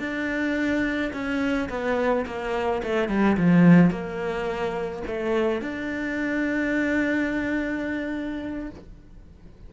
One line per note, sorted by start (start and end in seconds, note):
0.00 1.12 D4
1.13 1.69 C#4
1.69 2.26 B3
2.27 2.83 A#3
2.83 3.09 A3
3.09 3.37 G3
3.37 3.91 F3
3.91 5.03 A#3
5.07 5.62 A3
5.62 8.70 D4